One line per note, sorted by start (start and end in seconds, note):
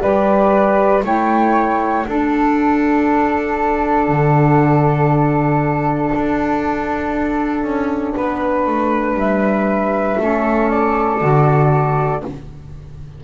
0.00 1.04 G3
0.00 1.02 G4
0.00 1.04 B4
0.00 1.03 D5
1.02 2.05 A3
1.02 2.04 E4
1.02 2.07 C#5
1.02 2.06 G5
2.04 10.18 D4
2.04 4.08 D4
2.04 8.16 A4
2.04 9.18 F#5
4.08 6.11 D3
6.16 7.63 D4
7.63 8.14 C#4
8.16 8.66 B3
8.16 10.20 B4
8.66 9.14 A3
9.14 10.16 G3
9.14 10.70 E5
10.18 11.21 A3
10.18 11.19 C#4
10.18 12.23 A4
10.70 12.23 D5
11.19 12.23 D3
11.19 12.21 F#4